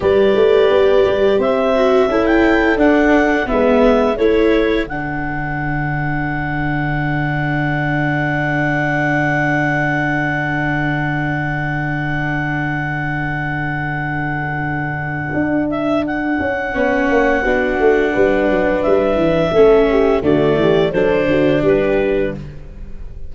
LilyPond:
<<
  \new Staff \with { instrumentName = "clarinet" } { \time 4/4 \tempo 4 = 86 d''2 e''4~ e''16 g''8. | fis''4 e''4 cis''4 fis''4~ | fis''1~ | fis''1~ |
fis''1~ | fis''2~ fis''8 e''8 fis''4~ | fis''2. e''4~ | e''4 d''4 c''4 b'4 | }
  \new Staff \with { instrumentName = "horn" } { \time 4/4 b'2 c''4 a'4~ | a'4 b'4 a'2~ | a'1~ | a'1~ |
a'1~ | a'1 | cis''4 fis'4 b'2 | a'8 g'8 fis'8 g'8 a'8 fis'8 g'4 | }
  \new Staff \with { instrumentName = "viola" } { \time 4/4 g'2~ g'8 fis'8 e'4 | d'4 b4 e'4 d'4~ | d'1~ | d'1~ |
d'1~ | d'1 | cis'4 d'2. | cis'4 a4 d'2 | }
  \new Staff \with { instrumentName = "tuba" } { \time 4/4 g8 a8 b8 g8 c'4 cis'4 | d'4 gis4 a4 d4~ | d1~ | d1~ |
d1~ | d2 d'4. cis'8 | b8 ais8 b8 a8 g8 fis8 g8 e8 | a4 d8 e8 fis8 d8 g4 | }
>>